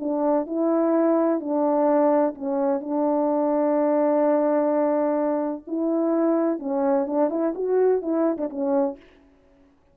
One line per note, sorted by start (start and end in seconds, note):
0.00 0.47 D4
0.47 1.40 E4
1.40 2.35 D4
2.35 2.81 C#4
2.81 5.64 D4
5.68 6.59 E4
6.59 7.07 C#4
7.07 7.30 D4
7.30 7.54 E4
7.55 8.02 F#4
8.02 8.38 E4
8.38 8.50 D4
8.50 8.97 C#4